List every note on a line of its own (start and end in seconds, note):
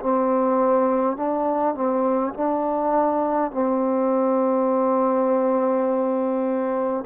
0.00 1.17 C4
1.17 1.75 D4
1.75 2.34 C4
2.34 3.51 D4
3.52 7.05 C4